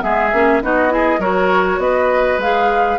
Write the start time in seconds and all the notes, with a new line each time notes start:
0.00 G#3 B3 G#4 E5
0.33 A#3 C#4
0.62 B3 D#4 F#4 D#5
0.90 E4 G#4
1.19 F#3 F#4 A#4 C#5
1.78 B3 B4 D#5
2.37 G#3 G#4 F5